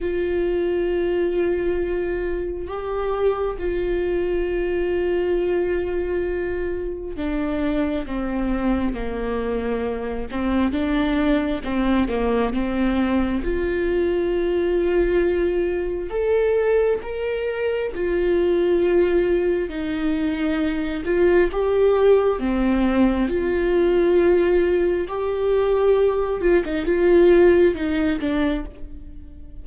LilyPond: \new Staff \with { instrumentName = "viola" } { \time 4/4 \tempo 4 = 67 f'2. g'4 | f'1 | d'4 c'4 ais4. c'8 | d'4 c'8 ais8 c'4 f'4~ |
f'2 a'4 ais'4 | f'2 dis'4. f'8 | g'4 c'4 f'2 | g'4. f'16 dis'16 f'4 dis'8 d'8 | }